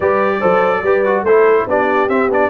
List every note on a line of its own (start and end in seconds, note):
0.00 0.41 G3
0.00 0.40 G4
0.00 0.39 B4
0.00 1.24 D5
0.40 0.82 F#3
0.40 0.82 A4
0.40 0.81 C5
0.82 1.22 G3
0.82 1.05 G4
0.82 1.25 B4
1.05 1.25 F#4
1.22 1.64 A3
1.22 1.69 E4
1.22 1.67 A4
1.22 1.66 C5
1.66 2.08 B3
1.66 2.09 D4
1.66 2.50 G4
1.66 2.09 D5
2.08 2.28 C4
2.08 2.30 C4
2.08 2.30 E5
2.28 2.49 B3
2.28 2.50 D4
2.28 2.50 D5